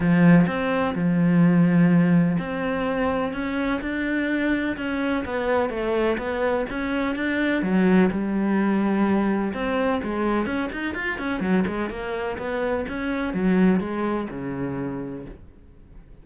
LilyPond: \new Staff \with { instrumentName = "cello" } { \time 4/4 \tempo 4 = 126 f4 c'4 f2~ | f4 c'2 cis'4 | d'2 cis'4 b4 | a4 b4 cis'4 d'4 |
fis4 g2. | c'4 gis4 cis'8 dis'8 f'8 cis'8 | fis8 gis8 ais4 b4 cis'4 | fis4 gis4 cis2 | }